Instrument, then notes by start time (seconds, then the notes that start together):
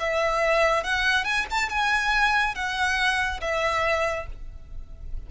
violin
0.00 E5
0.84 F#5
1.25 G#5
1.50 A5
1.69 G#5
2.55 F#5
3.41 E5